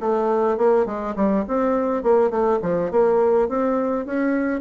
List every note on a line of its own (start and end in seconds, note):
0.00 0.57 A3
0.57 0.85 A#3
0.85 1.14 G#3
1.15 1.44 G3
1.47 2.03 C4
2.03 2.30 A#3
2.30 2.59 A3
2.62 2.91 F3
2.91 3.48 A#3
3.48 4.05 C4
4.05 4.60 C#4